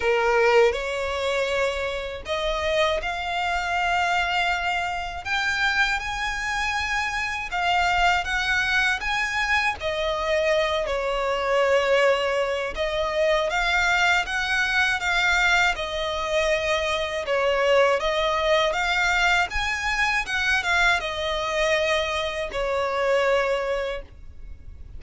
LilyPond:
\new Staff \with { instrumentName = "violin" } { \time 4/4 \tempo 4 = 80 ais'4 cis''2 dis''4 | f''2. g''4 | gis''2 f''4 fis''4 | gis''4 dis''4. cis''4.~ |
cis''4 dis''4 f''4 fis''4 | f''4 dis''2 cis''4 | dis''4 f''4 gis''4 fis''8 f''8 | dis''2 cis''2 | }